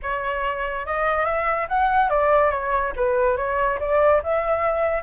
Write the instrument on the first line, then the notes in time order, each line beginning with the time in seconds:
flute
0.02 C#5
0.86 D#5
1.25 E5
1.68 F#5
2.09 D5
2.50 C#5
2.95 B4
3.36 C#5
3.80 D5
4.23 E5